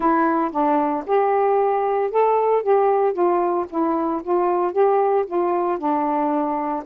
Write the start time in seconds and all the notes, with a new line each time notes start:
0.00 E4
0.51 D4
1.06 G4
2.11 A4
2.62 G4
3.13 F4
3.69 E4
4.23 F4
4.72 G4
5.26 F4
5.78 D4